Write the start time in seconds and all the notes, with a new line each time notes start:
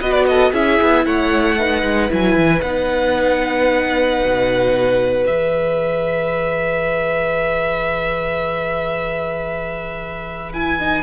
0.00 B3 F#4 B4 D#5
0.13 D5
0.27 A4 D#5
0.53 C#4 E4 G#4 E5
0.82 B3
1.06 A3 C#5 F#5
1.59 D#4 B4
1.83 G#3
2.09 F#3 E4 G#5
2.36 E3
2.62 B3 D#4 F#5
4.25 B2
5.26 E3 G#4 E5
10.54 E4 G#5
10.80 D#4